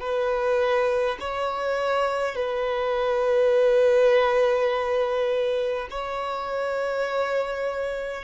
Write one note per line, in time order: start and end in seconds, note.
0.00 1.18 B4
1.20 2.35 C#5
2.35 5.88 B4
5.91 8.24 C#5